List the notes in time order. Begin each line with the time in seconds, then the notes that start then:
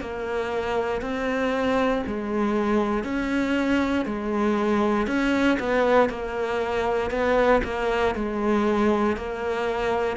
0.00 A#3
1.01 C4
2.06 G#3
3.03 C#4
4.05 G#3
5.07 C#4
5.59 B3
6.09 A#3
7.10 B3
7.64 A#3
8.14 G#3
9.17 A#3